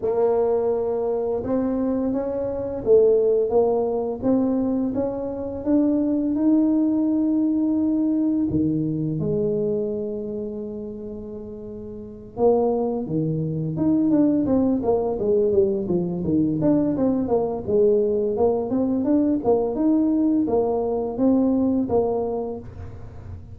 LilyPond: \new Staff \with { instrumentName = "tuba" } { \time 4/4 \tempo 4 = 85 ais2 c'4 cis'4 | a4 ais4 c'4 cis'4 | d'4 dis'2. | dis4 gis2.~ |
gis4. ais4 dis4 dis'8 | d'8 c'8 ais8 gis8 g8 f8 dis8 d'8 | c'8 ais8 gis4 ais8 c'8 d'8 ais8 | dis'4 ais4 c'4 ais4 | }